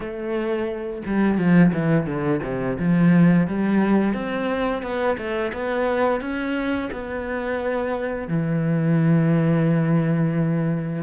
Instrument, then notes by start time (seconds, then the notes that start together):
cello
0.00 A3
1.06 G3
1.38 F3
1.73 E3
2.06 D3
2.43 C3
2.79 F3
3.47 G3
4.13 C4
4.82 B3
5.17 A3
5.53 B3
6.20 C#4
6.92 B3
8.28 E3